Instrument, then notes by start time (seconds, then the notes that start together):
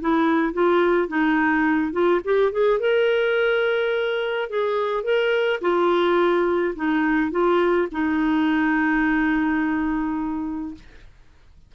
clarinet
0.00 E4
0.53 F4
1.08 D#4
1.92 F4
2.24 G4
2.52 G#4
2.79 A#4
4.49 G#4
5.03 A#4
5.61 F4
6.75 D#4
7.31 F4
7.91 D#4